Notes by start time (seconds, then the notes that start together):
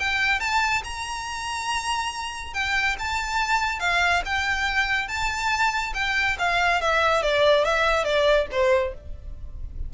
0.00 G5
0.40 A5
0.85 A#5
2.54 G5
2.99 A5
3.80 F5
4.26 G5
5.09 A5
5.95 G5
6.39 F5
6.82 E5
7.23 D5
7.66 E5
8.05 D5
8.52 C5